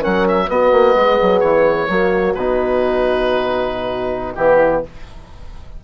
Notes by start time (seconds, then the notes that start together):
0.00 F#3 C#4 A#4 F#5
0.28 E5
0.46 B3 F#4 D#5
0.72 A#3
0.96 G#3 G#4
1.22 F#3
1.40 E3 C#5
1.89 F#3 A#3 F#4
2.34 B2 D#4 B4
4.35 E3 B3 E4 G4